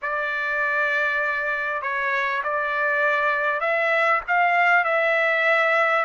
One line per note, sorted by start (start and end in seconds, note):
0.02 1.82 D5
1.82 2.42 C#5
2.43 3.60 D5
3.60 4.21 E5
4.27 4.84 F5
4.84 6.05 E5